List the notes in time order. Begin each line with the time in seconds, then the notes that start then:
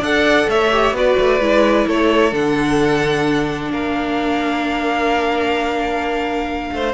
0.00 D4 A4 D5 F#5
0.48 A3 C#5 E5
0.71 G4
0.91 B3 F#4 B4 D5
1.18 A3
1.40 G#3 E4
1.87 A3 A4 C#5
2.31 D3 D4 F#5
3.70 A#3 A#4 F5
6.72 A3 C5